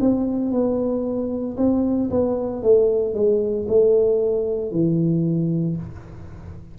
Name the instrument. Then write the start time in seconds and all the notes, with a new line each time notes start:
tuba
0.00 C4
0.51 B3
1.56 C4
2.10 B3
2.62 A3
3.14 G#3
3.68 A3
4.71 E3